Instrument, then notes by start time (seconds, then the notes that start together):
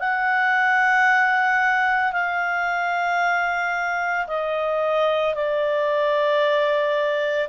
clarinet
0.00 F#5
2.13 F5
4.28 D#5
5.35 D5